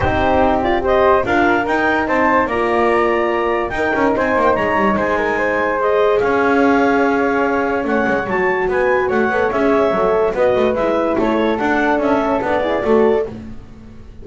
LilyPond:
<<
  \new Staff \with { instrumentName = "clarinet" } { \time 4/4 \tempo 4 = 145 c''4. d''8 dis''4 f''4 | g''4 a''4 ais''2~ | ais''4 g''4 gis''8. g''16 ais''4 | gis''2 dis''4 f''4~ |
f''2. fis''4 | a''4 gis''4 fis''4 e''4~ | e''4 dis''4 e''4 cis''4 | fis''4 e''4 d''2 | }
  \new Staff \with { instrumentName = "flute" } { \time 4/4 g'2 c''4 ais'4~ | ais'4 c''4 d''2~ | d''4 ais'4 c''4 cis''4 | c''8 ais'8 c''2 cis''4~ |
cis''1~ | cis''4 b'4 cis''2~ | cis''4 b'2 a'4~ | a'2~ a'8 gis'8 a'4 | }
  \new Staff \with { instrumentName = "horn" } { \time 4/4 dis'4. f'8 g'4 f'4 | dis'2 f'2~ | f'4 dis'2.~ | dis'2 gis'2~ |
gis'2. cis'4 | fis'2~ fis'8 a'8 gis'4 | a'4 fis'4 e'2 | d'4. cis'8 d'8 e'8 fis'4 | }
  \new Staff \with { instrumentName = "double bass" } { \time 4/4 c'2. d'4 | dis'4 c'4 ais2~ | ais4 dis'8 cis'8 c'8 ais8 gis8 g8 | gis2. cis'4~ |
cis'2. a8 gis8 | fis4 b4 a8 b8 cis'4 | fis4 b8 a8 gis4 a4 | d'4 cis'4 b4 a4 | }
>>